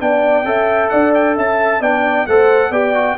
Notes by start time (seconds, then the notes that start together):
0.00 B3 D4 D5 G5
0.44 C#4 A4 E5
0.90 D4 D5 F#5
1.14 G5
1.36 C#4 E5 A5
1.81 B3 D4 D5 G5
2.27 A3 A4 C5 F#5
2.71 B3 G4 D5 G5
2.94 F#4